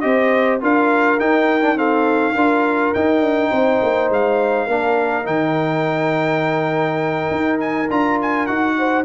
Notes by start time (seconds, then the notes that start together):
0.00 C4 G4 C5 D#5
0.60 D4 F4 A#4 F5
1.19 D#4 G5
1.62 D4
1.76 C4 A4 F5
2.34 D4 F4 A#4
2.94 D#4 G5
3.20 D4
3.50 C4 C5
3.82 A#3
4.09 G#3 F5
4.66 A#3 D4 A#4
5.24 D#3 D#4 G5
7.31 D#4
7.60 G#5
7.90 D4 F4 A#5
8.21 G#5
8.46 D#4 F#4 F#5
8.78 C5